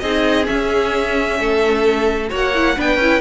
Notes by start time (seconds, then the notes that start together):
0.00 C4 D#4 G#4 D#5
0.45 C#4 E5
1.39 A3 A4
2.29 A#3 F#4 C#5
2.35 F#5
2.55 E4
2.77 B3 D4 B4 G5
2.96 C#4 E4